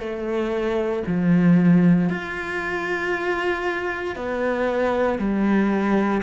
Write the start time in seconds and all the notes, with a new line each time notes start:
0.00 A3
1.07 F3
2.09 F4
4.16 B3
5.19 G3